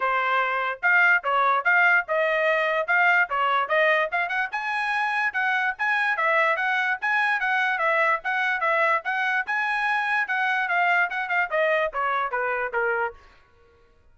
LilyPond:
\new Staff \with { instrumentName = "trumpet" } { \time 4/4 \tempo 4 = 146 c''2 f''4 cis''4 | f''4 dis''2 f''4 | cis''4 dis''4 f''8 fis''8 gis''4~ | gis''4 fis''4 gis''4 e''4 |
fis''4 gis''4 fis''4 e''4 | fis''4 e''4 fis''4 gis''4~ | gis''4 fis''4 f''4 fis''8 f''8 | dis''4 cis''4 b'4 ais'4 | }